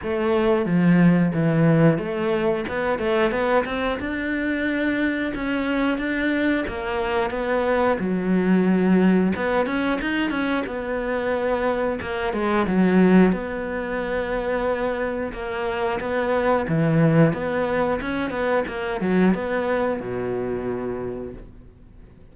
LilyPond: \new Staff \with { instrumentName = "cello" } { \time 4/4 \tempo 4 = 90 a4 f4 e4 a4 | b8 a8 b8 c'8 d'2 | cis'4 d'4 ais4 b4 | fis2 b8 cis'8 dis'8 cis'8 |
b2 ais8 gis8 fis4 | b2. ais4 | b4 e4 b4 cis'8 b8 | ais8 fis8 b4 b,2 | }